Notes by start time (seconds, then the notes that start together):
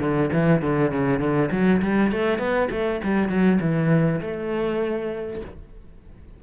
0.00 D3
0.33 E3
0.62 D3
0.91 C#3
1.19 D3
1.52 F#3
1.82 G3
2.12 A3
2.39 B3
2.71 A3
3.04 G3
3.29 F#3
3.61 E3
4.21 A3